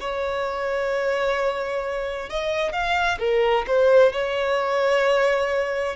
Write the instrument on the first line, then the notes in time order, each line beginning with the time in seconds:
violin
0.00 C#5
2.30 D#5
2.72 F5
3.19 A#4
3.67 C5
4.12 C#5